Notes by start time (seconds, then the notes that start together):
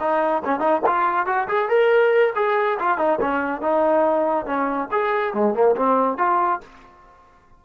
0.00 D#4
0.45 C#4
0.60 D#4
0.86 F4
1.27 F#4
1.48 G#4
1.69 A#4
2.36 G#4
2.80 F4
2.98 D#4
3.21 C#4
3.62 D#4
4.46 C#4
4.92 G#4
5.34 G#3
5.54 A#3
5.76 C4
6.18 F4